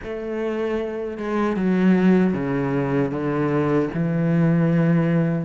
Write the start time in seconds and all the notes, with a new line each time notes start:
0.03 A3
1.17 G#3
1.56 F#3
2.33 C#3
3.11 D3
3.94 E3